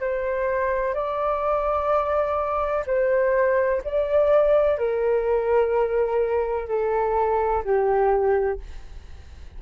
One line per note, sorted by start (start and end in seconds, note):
0.00 0.94 C5
0.94 2.84 D5
2.86 3.81 C5
3.84 4.77 D5
4.77 6.68 A#4
6.68 7.64 A4
7.64 8.59 G4